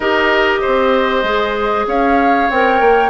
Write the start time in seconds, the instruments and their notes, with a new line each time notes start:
0.00 bassoon D#4, clarinet G4, oboe A#4, flute D#5
0.61 bassoon C4, oboe C5
1.23 bassoon G#3, clarinet G#4
1.86 bassoon C#4, oboe C#5, flute F5
2.50 bassoon C4, clarinet A#4, flute G5
2.80 bassoon A#3